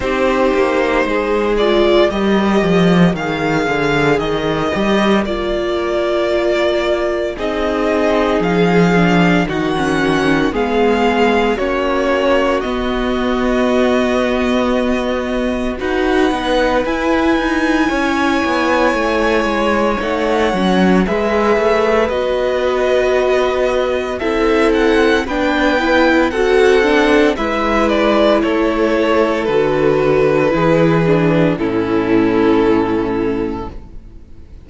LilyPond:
<<
  \new Staff \with { instrumentName = "violin" } { \time 4/4 \tempo 4 = 57 c''4. d''8 dis''4 f''4 | dis''4 d''2 dis''4 | f''4 fis''4 f''4 cis''4 | dis''2. fis''4 |
gis''2. fis''4 | e''4 dis''2 e''8 fis''8 | g''4 fis''4 e''8 d''8 cis''4 | b'2 a'2 | }
  \new Staff \with { instrumentName = "violin" } { \time 4/4 g'4 gis'4 ais'2~ | ais'2. gis'4~ | gis'4 fis'4 gis'4 fis'4~ | fis'2. b'4~ |
b'4 cis''2. | b'2. a'4 | b'4 a'4 b'4 a'4~ | a'4 gis'4 e'2 | }
  \new Staff \with { instrumentName = "viola" } { \time 4/4 dis'4. f'8 g'4 gis'4~ | gis'8 g'8 f'2 dis'4~ | dis'8 d'8 dis'16 cis'8. b4 cis'4 | b2. fis'8 dis'8 |
e'2. dis'8 cis'8 | gis'4 fis'2 e'4 | d'8 e'8 fis'8 d'8 e'2 | fis'4 e'8 d'8 cis'2 | }
  \new Staff \with { instrumentName = "cello" } { \time 4/4 c'8 ais8 gis4 g8 f8 dis8 d8 | dis8 g8 ais2 c'4 | f4 dis4 gis4 ais4 | b2. dis'8 b8 |
e'8 dis'8 cis'8 b8 a8 gis8 a8 fis8 | gis8 a8 b2 c'4 | b4 c'4 gis4 a4 | d4 e4 a,2 | }
>>